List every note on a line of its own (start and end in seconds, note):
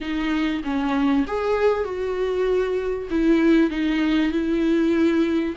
0.00 0.62 D#4
0.64 1.25 C#4
1.27 1.84 G#4
1.84 3.08 F#4
3.10 3.70 E4
3.70 4.31 D#4
4.31 5.55 E4